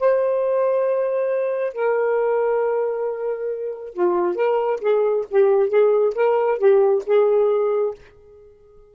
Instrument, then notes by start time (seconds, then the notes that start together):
saxophone
0.00 C5
1.74 A#4
3.94 F4
4.36 A#4
4.81 G#4
5.31 G4
5.70 G#4
6.15 A#4
6.59 G4
7.06 G#4